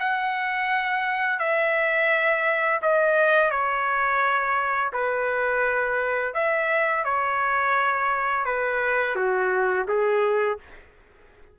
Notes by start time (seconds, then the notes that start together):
0.00 F#5
1.40 E5
2.82 D#5
3.51 C#5
4.93 B4
6.34 E5
7.05 C#5
8.45 B4
9.16 F#4
9.89 G#4